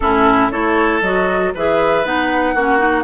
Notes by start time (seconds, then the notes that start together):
0.00 A2 C#4 E4 A4
0.50 A3 E4 A4 C#5
1.01 F#3 F#4 D#5
1.54 E3 G#4 B4 E5
2.04 B3 D#4 F#5
2.54 A#3 C#4 F#4
2.78 D#4